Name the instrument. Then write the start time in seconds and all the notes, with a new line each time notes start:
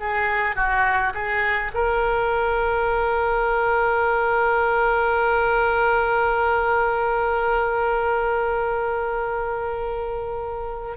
oboe
0.00 G#4
0.56 F#4
1.14 G#4
1.74 A#4